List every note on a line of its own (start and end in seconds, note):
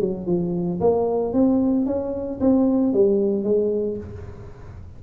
0.00 0.27 F#3
0.27 0.80 F3
0.81 1.33 A#3
1.33 1.86 C4
1.86 2.40 C#4
2.41 2.93 C4
2.93 3.44 G3
3.44 3.97 G#3